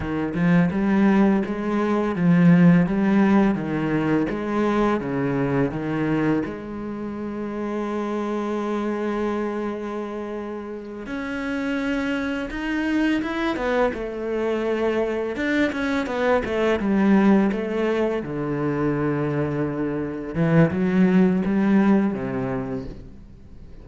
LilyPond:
\new Staff \with { instrumentName = "cello" } { \time 4/4 \tempo 4 = 84 dis8 f8 g4 gis4 f4 | g4 dis4 gis4 cis4 | dis4 gis2.~ | gis2.~ gis8 cis'8~ |
cis'4. dis'4 e'8 b8 a8~ | a4. d'8 cis'8 b8 a8 g8~ | g8 a4 d2~ d8~ | d8 e8 fis4 g4 c4 | }